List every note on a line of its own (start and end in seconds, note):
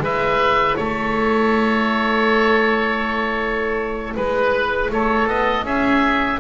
0.00 0.75 G#3
0.00 6.40 E4
0.00 0.78 B4
0.00 0.76 E5
0.76 4.15 A3
0.76 4.16 A4
0.76 4.13 C#5
4.16 4.90 G#3
4.16 4.91 B4
4.90 5.27 A3
4.90 5.65 A4
4.90 5.28 C#5
5.27 5.63 B3
5.27 5.65 D#5
5.63 6.38 C#4
5.63 6.40 G#4
5.63 6.40 E5